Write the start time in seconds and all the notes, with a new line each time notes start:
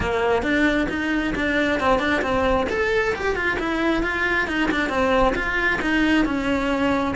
0.00 A#3
0.42 D4
0.89 D#4
1.35 D4
1.80 C4
1.99 D4
2.22 C4
2.69 A4
3.15 G4
3.35 F4
3.59 E4
4.02 F4
4.47 D#4
4.71 D4
4.89 C4
5.35 F4
5.81 D#4
6.25 C#4